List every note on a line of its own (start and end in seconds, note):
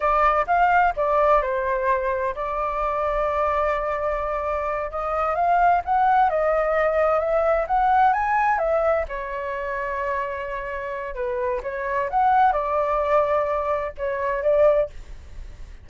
0.00 0.45 D5
0.46 0.93 F5
0.96 1.41 D5
1.41 2.34 C5
2.35 4.90 D5
4.90 5.35 D#5
5.35 5.81 F5
5.85 6.29 F#5
6.29 7.19 D#5
7.19 7.65 E5
7.67 8.13 F#5
8.13 8.58 G#5
8.58 9.05 E5
9.08 11.14 C#5
11.14 11.61 B4
11.63 12.09 C#5
12.10 12.52 F#5
12.52 13.92 D5
13.97 14.42 C#5
14.42 14.89 D5